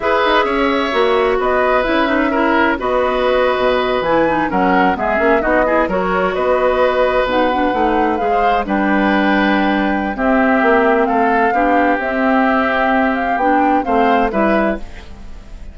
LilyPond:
<<
  \new Staff \with { instrumentName = "flute" } { \time 4/4 \tempo 4 = 130 e''2. dis''4 | e''2 dis''2~ | dis''8. gis''4 fis''4 e''4 dis''16~ | dis''8. cis''4 dis''2 fis''16~ |
fis''4.~ fis''16 f''4 g''4~ g''16~ | g''2 e''2 | f''2 e''2~ | e''8 f''8 g''4 f''4 e''4 | }
  \new Staff \with { instrumentName = "oboe" } { \time 4/4 b'4 cis''2 b'4~ | b'4 ais'4 b'2~ | b'4.~ b'16 ais'4 gis'4 fis'16~ | fis'16 gis'8 ais'4 b'2~ b'16~ |
b'2 c''8. b'4~ b'16~ | b'2 g'2 | a'4 g'2.~ | g'2 c''4 b'4 | }
  \new Staff \with { instrumentName = "clarinet" } { \time 4/4 gis'2 fis'2 | e'8 dis'8 e'4 fis'2~ | fis'8. e'8 dis'8 cis'4 b8 cis'8 dis'16~ | dis'16 e'8 fis'2. dis'16~ |
dis'16 d'8 dis'4 gis'4 d'4~ d'16~ | d'2 c'2~ | c'4 d'4 c'2~ | c'4 d'4 c'4 e'4 | }
  \new Staff \with { instrumentName = "bassoon" } { \time 4/4 e'8 dis'8 cis'4 ais4 b4 | cis'2 b4.~ b16 b,16~ | b,8. e4 fis4 gis8 ais8 b16~ | b8. fis4 b2 b,16~ |
b,8. a4 gis4 g4~ g16~ | g2 c'4 ais4 | a4 b4 c'2~ | c'4 b4 a4 g4 | }
>>